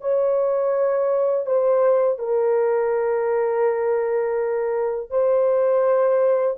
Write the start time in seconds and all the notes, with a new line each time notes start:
0.00 C#5
1.46 C5
2.18 A#4
5.10 C5